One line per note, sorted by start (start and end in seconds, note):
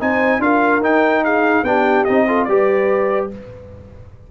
0.00 0.39 C4
0.00 0.41 D#4
0.00 0.41 C5
0.00 0.42 G#5
0.39 0.80 D4
0.39 0.82 F4
0.39 1.24 A#4
0.39 0.83 F5
0.80 1.63 D#4
0.80 1.65 D#4
0.80 1.24 G5
1.24 1.65 G#4
1.24 1.65 F5
1.63 2.04 B3
1.63 2.07 D4
1.63 2.27 G4
1.63 2.05 G5
2.05 2.48 C4
2.05 2.28 D#4
2.05 2.45 D#5
2.27 2.49 F4
2.27 2.48 A4
2.45 3.30 G3
2.45 3.31 G4
2.45 3.31 B4
2.45 3.27 D5